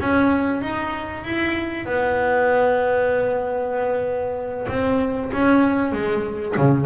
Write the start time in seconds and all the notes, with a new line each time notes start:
0.00 C#4
0.62 D#4
1.24 E4
1.85 B3
4.68 C4
5.33 C#4
5.92 G#3
6.57 C#3